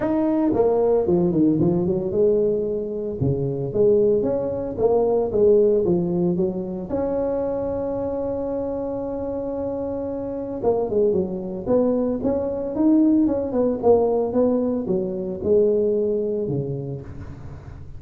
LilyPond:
\new Staff \with { instrumentName = "tuba" } { \time 4/4 \tempo 4 = 113 dis'4 ais4 f8 dis8 f8 fis8 | gis2 cis4 gis4 | cis'4 ais4 gis4 f4 | fis4 cis'2.~ |
cis'1 | ais8 gis8 fis4 b4 cis'4 | dis'4 cis'8 b8 ais4 b4 | fis4 gis2 cis4 | }